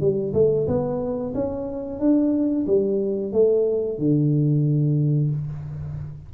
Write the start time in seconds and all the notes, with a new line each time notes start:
0.00 G3
0.34 A3
0.67 B3
1.34 C#4
1.99 D4
2.66 G3
3.32 A3
3.98 D3